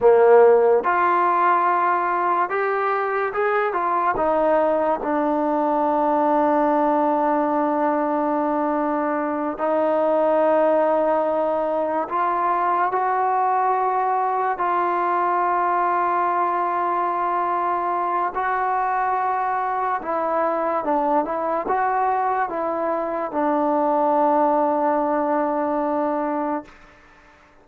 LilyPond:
\new Staff \with { instrumentName = "trombone" } { \time 4/4 \tempo 4 = 72 ais4 f'2 g'4 | gis'8 f'8 dis'4 d'2~ | d'2.~ d'8 dis'8~ | dis'2~ dis'8 f'4 fis'8~ |
fis'4. f'2~ f'8~ | f'2 fis'2 | e'4 d'8 e'8 fis'4 e'4 | d'1 | }